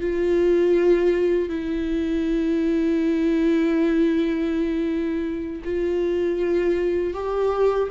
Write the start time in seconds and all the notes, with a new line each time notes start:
0.00 F4
1.49 E4
5.64 F4
7.13 G4